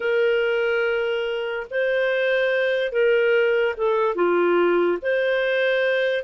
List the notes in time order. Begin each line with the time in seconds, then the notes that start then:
0.00 A#4
1.70 C5
2.92 A#4
3.77 A4
4.15 F4
5.02 C5